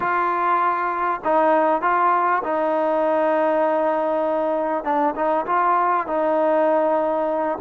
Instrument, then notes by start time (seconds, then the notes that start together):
trombone
0.00 F4
1.24 D#4
1.81 F4
2.43 D#4
4.83 D4
5.15 D#4
5.46 F4
6.06 D#4